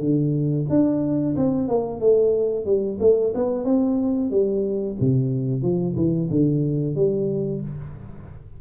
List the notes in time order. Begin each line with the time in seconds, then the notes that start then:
0.00 D3
0.70 D4
1.37 C4
1.68 A#3
2.00 A3
2.66 G3
3.01 A3
3.35 B3
3.65 C4
4.31 G3
5.00 C3
5.63 F3
5.96 E3
6.31 D3
6.96 G3